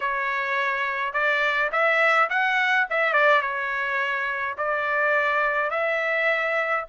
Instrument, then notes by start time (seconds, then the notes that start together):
trumpet
0.00 C#5
1.13 D5
1.71 E5
2.29 F#5
2.90 E5
3.13 D5
3.41 C#5
4.57 D5
5.70 E5